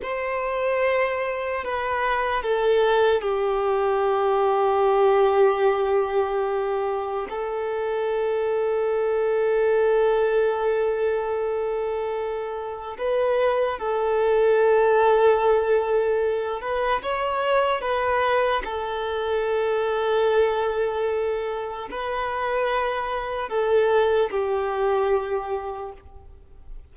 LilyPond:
\new Staff \with { instrumentName = "violin" } { \time 4/4 \tempo 4 = 74 c''2 b'4 a'4 | g'1~ | g'4 a'2.~ | a'1 |
b'4 a'2.~ | a'8 b'8 cis''4 b'4 a'4~ | a'2. b'4~ | b'4 a'4 g'2 | }